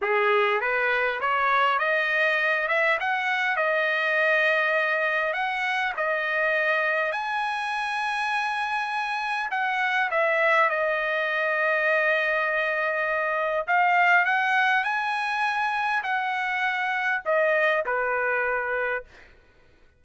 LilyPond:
\new Staff \with { instrumentName = "trumpet" } { \time 4/4 \tempo 4 = 101 gis'4 b'4 cis''4 dis''4~ | dis''8 e''8 fis''4 dis''2~ | dis''4 fis''4 dis''2 | gis''1 |
fis''4 e''4 dis''2~ | dis''2. f''4 | fis''4 gis''2 fis''4~ | fis''4 dis''4 b'2 | }